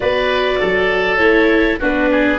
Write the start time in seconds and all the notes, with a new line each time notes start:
0.00 B3 F#4 B4 D5
0.59 F#3 A4
1.17 A3 E4 C#5
1.79 B3 D4 F#4 B4
2.11 G#4